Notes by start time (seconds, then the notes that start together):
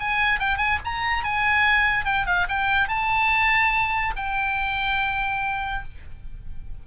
0.00 G#5
0.39 G5
0.58 G#5
0.85 A#5
1.24 G#5
2.05 G5
2.26 F5
2.49 G5
2.88 A5
4.16 G5